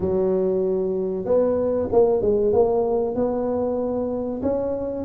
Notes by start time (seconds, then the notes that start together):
0.00 F#3
1.25 B3
1.91 A#3
2.21 G#3
2.52 A#3
3.15 B3
4.42 C#4